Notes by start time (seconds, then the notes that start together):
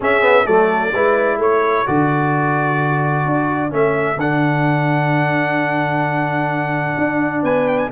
0.00 C#4 G#4 E5
0.21 B3
0.45 F#3 A3 A4 D5
0.93 G#3 E4 B4
1.38 A3 A4 C#5
1.86 D3 F#4 D5
3.25 D4
3.70 A3 C#4 E5
4.16 D3 D4 F#5
6.98 D4
7.42 B3 B4 G#5
7.68 G5
7.78 G#5